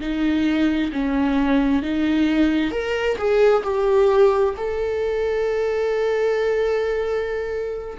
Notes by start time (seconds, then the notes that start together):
0.00 D#4
0.92 C#4
1.82 D#4
2.71 A#4
3.17 G#4
3.63 G4
4.56 A4